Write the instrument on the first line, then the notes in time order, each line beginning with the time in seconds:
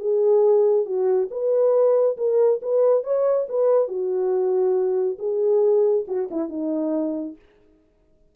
horn
0.00 G#4
0.86 F#4
1.31 B4
2.17 A#4
2.62 B4
3.04 C#5
3.49 B4
3.88 F#4
5.19 G#4
6.08 F#4
6.31 E4
6.49 D#4